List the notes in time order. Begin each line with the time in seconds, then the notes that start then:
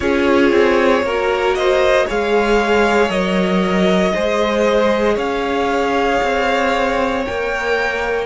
0.00 C#4 F4 G#4 C#5
0.52 C4
1.02 A#3 F#4 A#4
1.54 C5 D#5
2.06 G#3 G#4 C#5 F5
3.09 F#3 A#4 D#5
4.13 G#3 G#4 C5
5.14 C#4 C#5 F5
6.22 C4
7.25 A#3 A#4 G5